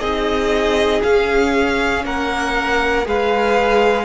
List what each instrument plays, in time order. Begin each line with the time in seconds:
0.00 cello C4, viola D#4, violin G#4 D#5
1.03 viola C#4, cello C#4, violin F5
2.05 cello A#3, violin A#4 F#5
3.05 cello G#3, viola G#4, violin B4 F5